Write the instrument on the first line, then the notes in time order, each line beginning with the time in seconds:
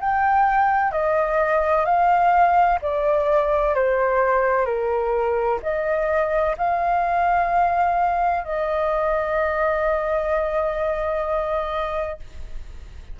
flute
0.00 G5
0.92 D#5
1.85 F5
2.82 D5
3.75 C5
4.66 A#4
5.62 D#5
6.58 F5
8.45 D#5